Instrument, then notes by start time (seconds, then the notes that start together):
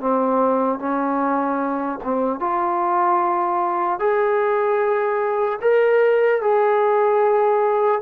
trombone
0.00 C4
0.79 C#4
2.04 C4
2.40 F4
3.99 G#4
5.61 A#4
6.41 G#4